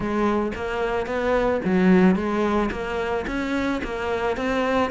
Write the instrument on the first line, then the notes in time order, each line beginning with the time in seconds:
cello
0.00 G#3
0.55 A#3
1.06 B3
1.64 F#3
2.15 G#3
2.71 A#3
3.27 C#4
3.83 A#3
4.36 C4